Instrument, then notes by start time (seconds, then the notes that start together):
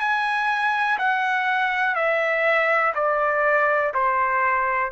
trumpet
0.00 G#5
0.98 F#5
1.95 E5
2.95 D5
3.94 C5